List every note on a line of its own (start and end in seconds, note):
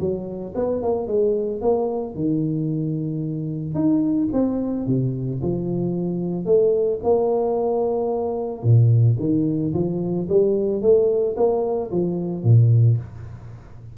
0.00 0.54 F#3
0.55 0.82 B3
0.82 1.07 A#3
1.07 1.61 G#3
1.61 2.15 A#3
2.15 3.75 D#3
3.75 4.29 D#4
4.33 4.86 C4
4.86 5.41 C3
5.42 6.46 F3
6.46 7.00 A3
7.04 8.63 A#3
8.63 9.17 A#2
9.19 9.73 D#3
9.74 10.28 F3
10.29 10.82 G3
10.82 11.36 A3
11.37 11.91 A#3
11.91 12.44 F3
12.44 12.98 A#2